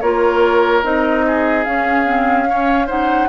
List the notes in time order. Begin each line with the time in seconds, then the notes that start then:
0.00 A#3 F4 A#4 C#5
0.83 C4 D#4 D#5
1.27 G#4
1.64 C#4 F5
2.05 C4
2.48 C#4 C#5
2.86 D#4 C5 F#5